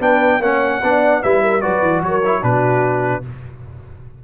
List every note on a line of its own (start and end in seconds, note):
0.00 0.40 B3
0.00 0.41 D4
0.00 0.41 B4
0.00 0.42 G5
0.40 0.80 A#3
0.40 0.82 C#4
0.40 0.81 C#5
0.40 1.23 F#5
0.83 1.24 B3
0.83 1.23 D4
0.83 1.23 D5
1.23 1.65 G3
1.23 1.62 E4
1.23 1.43 B4
1.23 1.61 E5
1.43 1.62 A#4
1.61 1.83 F#3
1.61 2.22 F#4
1.61 2.03 B4
1.61 2.02 D5
1.83 2.03 E3
2.03 2.43 F#3
2.03 2.42 A#4
2.03 2.44 C#5
2.26 2.42 E4
2.42 3.24 B2
2.42 3.22 D4
2.42 3.22 F#4
2.42 3.24 B4